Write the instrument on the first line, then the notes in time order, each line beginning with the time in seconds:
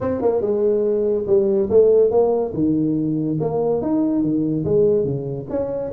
tuba
0.00 C4
0.21 A#3
0.41 G#3
1.27 G3
1.70 A3
2.10 A#3
2.53 D#3
3.40 A#3
3.81 D#4
4.22 D#3
4.64 G#3
5.04 C#3
5.49 C#4